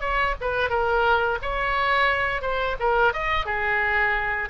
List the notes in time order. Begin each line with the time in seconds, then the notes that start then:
0.00 C#5
0.40 B4
0.69 A#4
1.41 C#5
2.41 C5
2.79 A#4
3.13 D#5
3.45 G#4